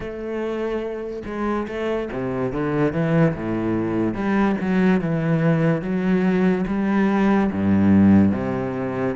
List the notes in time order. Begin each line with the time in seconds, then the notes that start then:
0.00 A3
1.25 G#3
1.67 A3
2.12 C3
2.52 D3
2.92 E3
3.35 A2
4.14 G3
4.60 F#3
5.00 E3
5.81 F#3
6.67 G3
7.52 G2
8.32 C3